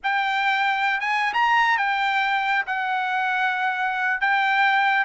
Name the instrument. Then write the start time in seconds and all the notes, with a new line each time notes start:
trumpet
0.03 G5
1.00 G#5
1.33 A#5
1.77 G5
2.66 F#5
4.20 G5